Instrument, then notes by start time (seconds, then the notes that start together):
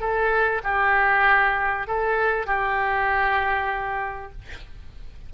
oboe
0.00 A4
0.64 G4
1.87 A4
2.46 G4